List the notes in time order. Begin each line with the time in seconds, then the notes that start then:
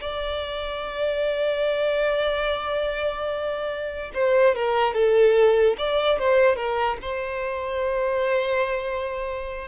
0.00 D5
4.14 C5
4.55 A#4
4.94 A4
5.78 D5
6.19 C5
6.56 A#4
7.02 C5